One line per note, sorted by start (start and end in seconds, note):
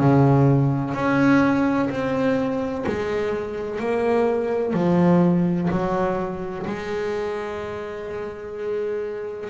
0.00 0.94 C#3
0.94 1.90 C#4
1.90 2.85 C4
2.87 3.80 G#3
3.80 4.74 A#3
4.74 5.69 F3
5.71 6.66 F#3
6.67 9.50 G#3